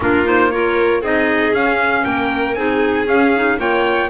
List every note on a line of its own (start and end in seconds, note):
0.00 1.01 A#3
0.00 0.24 D4
0.00 0.53 F4
0.00 0.27 A#4
0.24 0.50 D#4
0.24 0.51 C5
0.51 1.03 F4
0.51 1.01 A#4
0.51 1.02 C#5
1.01 1.52 C4
1.01 1.54 D#4
1.01 2.03 G#4
1.01 1.54 D#5
1.52 2.04 C#4
1.52 2.56 C#4
1.52 2.04 F5
2.04 2.55 A#3
2.04 2.57 A#4
2.04 2.54 G5
2.54 3.06 C4
2.54 3.06 D#4
2.54 3.59 G#4
2.54 3.05 G#5
3.06 3.57 C#4
3.06 3.32 C#4
3.06 3.59 F5
3.35 3.58 D#4
3.58 4.09 A#3
3.58 4.09 F4
3.58 4.09 C#5
3.58 4.09 G5